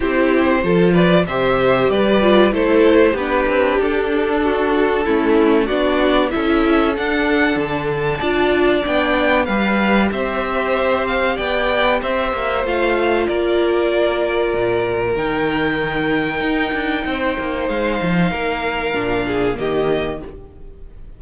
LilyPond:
<<
  \new Staff \with { instrumentName = "violin" } { \time 4/4 \tempo 4 = 95 c''4. d''8 e''4 d''4 | c''4 b'4 a'2~ | a'4 d''4 e''4 fis''4 | a''2 g''4 f''4 |
e''4. f''8 g''4 e''4 | f''4 d''2. | g''1 | f''2. dis''4 | }
  \new Staff \with { instrumentName = "violin" } { \time 4/4 g'4 a'8 b'8 c''4 b'4 | a'4 g'2 fis'4 | e'4 fis'4 a'2~ | a'4 d''2 b'4 |
c''2 d''4 c''4~ | c''4 ais'2.~ | ais'2. c''4~ | c''4 ais'4. gis'8 g'4 | }
  \new Staff \with { instrumentName = "viola" } { \time 4/4 e'4 f'4 g'4. f'8 | e'4 d'2. | cis'4 d'4 e'4 d'4~ | d'4 f'4 d'4 g'4~ |
g'1 | f'1 | dis'1~ | dis'2 d'4 ais4 | }
  \new Staff \with { instrumentName = "cello" } { \time 4/4 c'4 f4 c4 g4 | a4 b8 c'8 d'2 | a4 b4 cis'4 d'4 | d4 d'4 b4 g4 |
c'2 b4 c'8 ais8 | a4 ais2 ais,4 | dis2 dis'8 d'8 c'8 ais8 | gis8 f8 ais4 ais,4 dis4 | }
>>